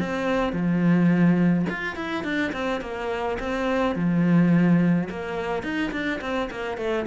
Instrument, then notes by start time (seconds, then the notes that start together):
cello
0.00 C4
0.53 F3
1.69 F4
1.96 E4
2.24 D4
2.53 C4
2.81 A#3
3.40 C4
3.96 F3
5.10 A#3
5.63 D#4
5.92 D4
6.21 C4
6.51 A#3
6.78 A3